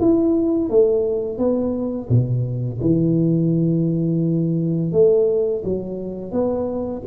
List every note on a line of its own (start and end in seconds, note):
0.00 0.70 E4
0.70 1.38 A3
1.38 2.09 B3
2.09 2.80 B2
2.81 4.92 E3
4.92 5.63 A3
5.64 6.31 F#3
6.31 7.02 B3